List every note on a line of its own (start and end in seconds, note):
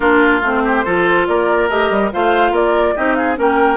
0.00 0.42 A#3
0.00 0.42 D4
0.00 0.62 F4
0.00 0.41 A#4
0.42 0.84 A3
0.42 0.85 C4
0.42 1.26 C5
0.64 0.84 G4
0.84 1.28 F3
0.84 1.69 F4
0.84 1.27 A4
1.26 1.69 A#3
1.26 2.13 A#4
1.26 1.69 D5
1.69 1.90 A3
1.69 2.12 G4
1.69 2.11 D#5
1.90 2.11 G3
2.12 2.51 A3
2.12 2.96 F4
2.12 2.52 C5
2.12 2.54 F5
2.51 2.93 A#3
2.51 2.94 A#4
2.51 2.96 D5
2.95 3.38 C4
2.95 3.35 D#4
2.95 3.17 G4
2.95 3.14 D#5
3.14 3.38 G#4
3.14 3.36 F5
3.35 3.77 A#3
3.35 3.77 C#4
3.35 3.77 A#4
3.35 3.77 G5